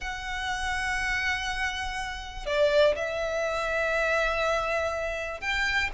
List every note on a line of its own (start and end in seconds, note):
0.00 2.46 F#5
2.46 2.95 D5
2.95 5.41 E5
5.41 5.90 G5